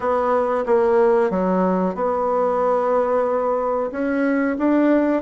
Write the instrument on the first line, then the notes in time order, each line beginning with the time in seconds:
bassoon
0.00 B3
0.66 A#3
1.30 F#3
1.94 B3
3.91 C#4
4.58 D4